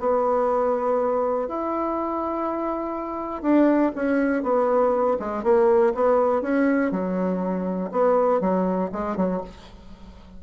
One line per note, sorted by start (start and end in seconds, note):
0.00 1.49 B3
1.49 3.43 E4
3.43 3.92 D4
3.96 4.43 C#4
4.43 5.18 B3
5.20 5.44 G#3
5.44 5.93 A#3
5.95 6.42 B3
6.42 6.92 C#4
6.92 7.91 F#3
7.92 8.41 B3
8.41 8.91 F#3
8.93 9.17 G#3
9.17 9.42 F#3